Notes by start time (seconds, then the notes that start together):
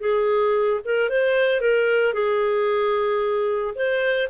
0.00 G#4
0.84 A#4
1.09 C5
1.60 A#4
2.14 G#4
3.75 C5